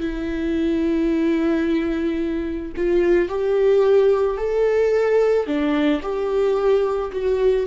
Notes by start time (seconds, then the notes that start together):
0.00 E4
2.76 F4
3.29 G4
4.38 A4
5.47 D4
6.02 G4
7.12 F#4